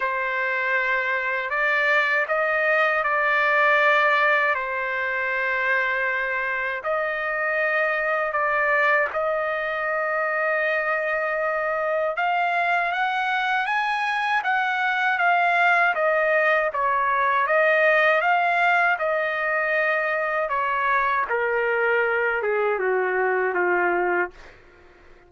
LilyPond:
\new Staff \with { instrumentName = "trumpet" } { \time 4/4 \tempo 4 = 79 c''2 d''4 dis''4 | d''2 c''2~ | c''4 dis''2 d''4 | dis''1 |
f''4 fis''4 gis''4 fis''4 | f''4 dis''4 cis''4 dis''4 | f''4 dis''2 cis''4 | ais'4. gis'8 fis'4 f'4 | }